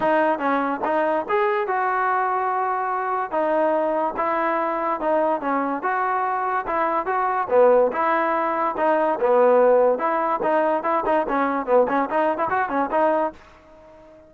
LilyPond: \new Staff \with { instrumentName = "trombone" } { \time 4/4 \tempo 4 = 144 dis'4 cis'4 dis'4 gis'4 | fis'1 | dis'2 e'2 | dis'4 cis'4 fis'2 |
e'4 fis'4 b4 e'4~ | e'4 dis'4 b2 | e'4 dis'4 e'8 dis'8 cis'4 | b8 cis'8 dis'8. e'16 fis'8 cis'8 dis'4 | }